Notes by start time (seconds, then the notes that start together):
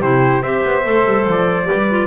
0.00 C3 E4 G4 C5
0.41 C4 G4 C5 E5
0.64 B3
0.82 A3 A4
1.05 G3
1.27 F3 D5
1.64 G4 B4
1.72 G3
1.90 F4